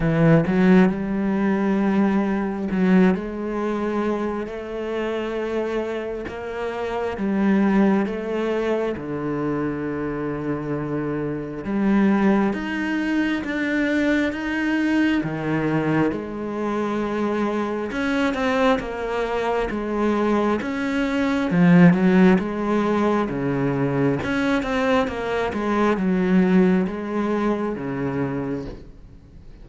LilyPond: \new Staff \with { instrumentName = "cello" } { \time 4/4 \tempo 4 = 67 e8 fis8 g2 fis8 gis8~ | gis4 a2 ais4 | g4 a4 d2~ | d4 g4 dis'4 d'4 |
dis'4 dis4 gis2 | cis'8 c'8 ais4 gis4 cis'4 | f8 fis8 gis4 cis4 cis'8 c'8 | ais8 gis8 fis4 gis4 cis4 | }